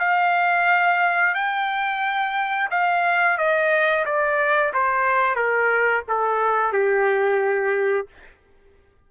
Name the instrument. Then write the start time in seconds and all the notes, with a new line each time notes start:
trumpet
0.00 F5
1.35 G5
2.71 F5
3.38 D#5
4.06 D5
4.73 C5
5.36 A#4
6.09 A4
6.73 G4